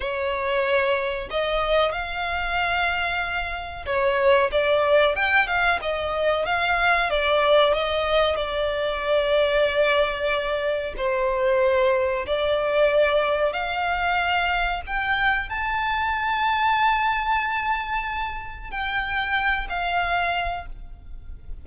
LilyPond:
\new Staff \with { instrumentName = "violin" } { \time 4/4 \tempo 4 = 93 cis''2 dis''4 f''4~ | f''2 cis''4 d''4 | g''8 f''8 dis''4 f''4 d''4 | dis''4 d''2.~ |
d''4 c''2 d''4~ | d''4 f''2 g''4 | a''1~ | a''4 g''4. f''4. | }